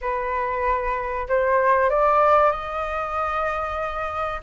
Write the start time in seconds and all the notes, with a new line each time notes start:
0.01 B4
1.28 C5
1.89 D5
2.51 D#5